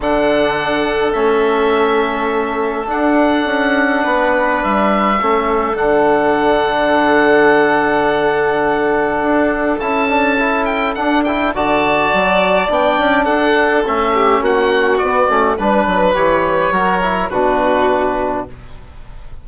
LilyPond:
<<
  \new Staff \with { instrumentName = "oboe" } { \time 4/4 \tempo 4 = 104 fis''2 e''2~ | e''4 fis''2. | e''2 fis''2~ | fis''1~ |
fis''4 a''4. g''8 fis''8 g''8 | a''2 g''4 fis''4 | e''4 fis''4 d''4 b'4 | cis''2 b'2 | }
  \new Staff \with { instrumentName = "violin" } { \time 4/4 a'1~ | a'2. b'4~ | b'4 a'2.~ | a'1~ |
a'1 | d''2. a'4~ | a'8 g'8 fis'2 b'4~ | b'4 ais'4 fis'2 | }
  \new Staff \with { instrumentName = "trombone" } { \time 4/4 d'2 cis'2~ | cis'4 d'2.~ | d'4 cis'4 d'2~ | d'1~ |
d'4 e'8 d'8 e'4 d'8 e'8 | fis'2 d'2 | cis'2 b8 cis'8 d'4 | g'4 fis'8 e'8 d'2 | }
  \new Staff \with { instrumentName = "bassoon" } { \time 4/4 d2 a2~ | a4 d'4 cis'4 b4 | g4 a4 d2~ | d1 |
d'4 cis'2 d'4 | d4 fis4 b8 cis'8 d'4 | a4 ais4 b8 a8 g8 fis8 | e4 fis4 b,2 | }
>>